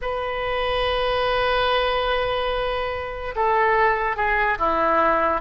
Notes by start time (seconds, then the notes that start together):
0.01 B4
3.35 A4
4.16 G#4
4.58 E4